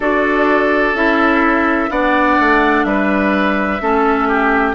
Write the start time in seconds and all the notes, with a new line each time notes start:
0.00 D4 F#4 A4 D5
0.93 C#4 E4 E5
1.89 B3 D4 D5 F#5
2.39 A3
2.84 G3 B4 E5
3.81 A3 C#4 A4
4.28 G4